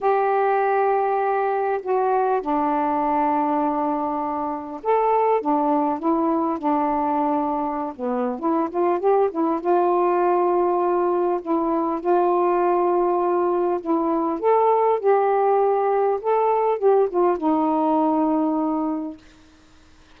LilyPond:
\new Staff \with { instrumentName = "saxophone" } { \time 4/4 \tempo 4 = 100 g'2. fis'4 | d'1 | a'4 d'4 e'4 d'4~ | d'4~ d'16 b8. e'8 f'8 g'8 e'8 |
f'2. e'4 | f'2. e'4 | a'4 g'2 a'4 | g'8 f'8 dis'2. | }